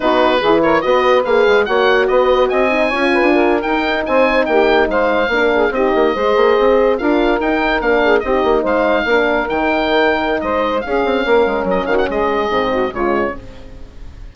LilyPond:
<<
  \new Staff \with { instrumentName = "oboe" } { \time 4/4 \tempo 4 = 144 b'4. cis''8 dis''4 f''4 | fis''4 dis''4 gis''2~ | gis''8. g''4 gis''4 g''4 f''16~ | f''4.~ f''16 dis''2~ dis''16~ |
dis''8. f''4 g''4 f''4 dis''16~ | dis''8. f''2 g''4~ g''16~ | g''4 dis''4 f''2 | dis''8 f''16 fis''16 dis''2 cis''4 | }
  \new Staff \with { instrumentName = "saxophone" } { \time 4/4 fis'4 gis'8 ais'8 b'2 | cis''4 b'4 dis''4 cis''8 b'8 | ais'4.~ ais'16 c''4 g'4 c''16~ | c''8. ais'8 gis'8 g'4 c''4~ c''16~ |
c''8. ais'2~ ais'8 gis'8 g'16~ | g'8. c''4 ais'2~ ais'16~ | ais'4 c''4 gis'4 ais'4~ | ais'8 fis'8 gis'4. fis'8 f'4 | }
  \new Staff \with { instrumentName = "horn" } { \time 4/4 dis'4 e'4 fis'4 gis'4 | fis'2~ fis'8 dis'8 f'4~ | f'8. dis'2.~ dis'16~ | dis'8. d'4 dis'4 gis'4~ gis'16~ |
gis'8. f'4 dis'4 d'4 dis'16~ | dis'4.~ dis'16 d'4 dis'4~ dis'16~ | dis'2 cis'2~ | cis'2 c'4 gis4 | }
  \new Staff \with { instrumentName = "bassoon" } { \time 4/4 b4 e4 b4 ais8 gis8 | ais4 b4 c'4 cis'8. d'16~ | d'8. dis'4 c'4 ais4 gis16~ | gis8. ais4 c'8 ais8 gis8 ais8 c'16~ |
c'8. d'4 dis'4 ais4 c'16~ | c'16 ais8 gis4 ais4 dis4~ dis16~ | dis4 gis4 cis'8 c'8 ais8 gis8 | fis8 dis8 gis4 gis,4 cis4 | }
>>